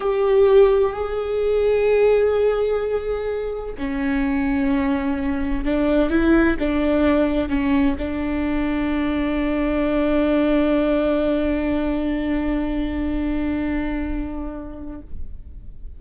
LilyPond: \new Staff \with { instrumentName = "viola" } { \time 4/4 \tempo 4 = 128 g'2 gis'2~ | gis'1 | cis'1 | d'4 e'4 d'2 |
cis'4 d'2.~ | d'1~ | d'1~ | d'1 | }